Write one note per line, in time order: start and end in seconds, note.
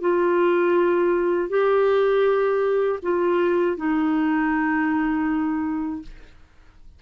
0.00 1.49 F4
1.49 2.99 G4
3.02 3.77 F4
3.77 6.02 D#4